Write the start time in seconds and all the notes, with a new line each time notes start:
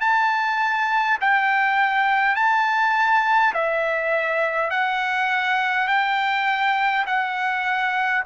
0.00 A5
1.20 G5
2.35 A5
3.53 E5
4.70 F#5
5.87 G5
7.06 F#5